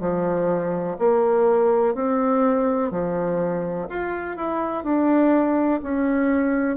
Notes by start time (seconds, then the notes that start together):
0.00 F3
0.99 A#3
1.94 C4
2.91 F3
3.88 F4
4.36 E4
4.83 D4
5.82 C#4